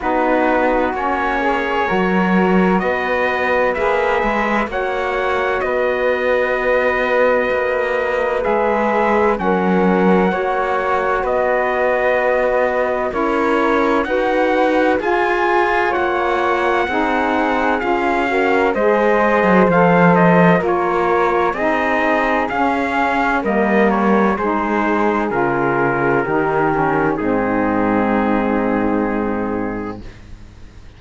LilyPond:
<<
  \new Staff \with { instrumentName = "trumpet" } { \time 4/4 \tempo 4 = 64 b'4 cis''2 dis''4 | e''4 fis''4 dis''2~ | dis''4 e''4 fis''2 | dis''2 cis''4 fis''4 |
gis''4 fis''2 f''4 | dis''4 f''8 dis''8 cis''4 dis''4 | f''4 dis''8 cis''8 c''4 ais'4~ | ais'4 gis'2. | }
  \new Staff \with { instrumentName = "flute" } { \time 4/4 fis'4. gis'8 ais'4 b'4~ | b'4 cis''4 b'2~ | b'2 ais'4 cis''4 | b'2 ais'4 b'4 |
gis'4 cis''4 gis'4. ais'8 | c''2 ais'4 gis'4~ | gis'4 ais'4 gis'2 | g'4 dis'2. | }
  \new Staff \with { instrumentName = "saxophone" } { \time 4/4 dis'4 cis'4 fis'2 | gis'4 fis'2.~ | fis'4 gis'4 cis'4 fis'4~ | fis'2 e'4 fis'4 |
f'2 dis'4 f'8 fis'8 | gis'4 a'4 f'4 dis'4 | cis'4 ais4 dis'4 f'4 | dis'8 cis'8 c'2. | }
  \new Staff \with { instrumentName = "cello" } { \time 4/4 b4 ais4 fis4 b4 | ais8 gis8 ais4 b2 | ais4 gis4 fis4 ais4 | b2 cis'4 dis'4 |
f'4 ais4 c'4 cis'4 | gis8. fis16 f4 ais4 c'4 | cis'4 g4 gis4 cis4 | dis4 gis,2. | }
>>